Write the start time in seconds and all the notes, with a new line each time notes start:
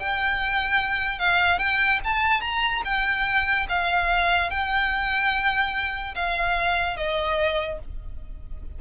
0.00 G5
1.20 F5
1.59 G5
2.05 A5
2.42 A#5
2.85 G5
3.69 F5
4.51 G5
6.16 F5
6.97 D#5